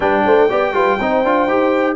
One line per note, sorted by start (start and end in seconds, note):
0.00 0.23 G3
0.00 0.49 D4
0.00 0.25 B4
0.00 1.96 G5
0.25 0.50 A3
0.25 0.49 C5
0.49 0.73 B3
0.49 0.73 G4
0.49 0.74 D5
0.73 0.98 G3
0.73 0.98 F4
0.73 1.00 B4
0.99 1.23 C4
0.99 1.25 D#4
0.99 1.96 C5
1.23 1.46 D4
1.23 1.48 F4
1.46 1.96 D#4
1.46 1.96 G4